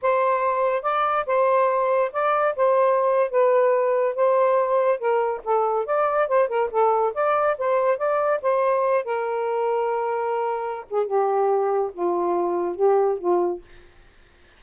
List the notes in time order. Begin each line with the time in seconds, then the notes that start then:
0.01 C5
0.82 D5
1.26 C5
2.12 D5
2.55 C5
3.30 B4
4.15 C5
4.98 A#4
5.44 A4
5.85 D5
6.27 C5
6.48 A#4
6.70 A4
7.14 D5
7.58 C5
7.97 D5
8.42 C5
9.04 A#4
10.90 G#4
11.06 G4
11.93 F4
12.75 G4
13.18 F4